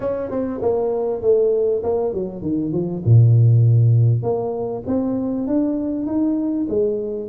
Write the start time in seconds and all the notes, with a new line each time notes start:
0.00 C#4
0.30 C4
0.61 A#3
1.21 A3
1.83 A#3
2.13 F#3
2.42 D#3
2.72 F3
3.05 A#2
4.22 A#3
4.87 C4
5.47 D4
6.06 D#4
6.69 G#3